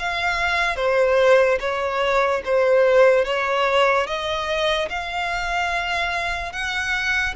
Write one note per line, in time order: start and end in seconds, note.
0.00 0.77 F5
0.77 1.59 C5
1.60 2.42 C#5
2.45 3.25 C5
3.25 4.07 C#5
4.07 4.89 D#5
4.89 6.53 F5
6.53 7.35 F#5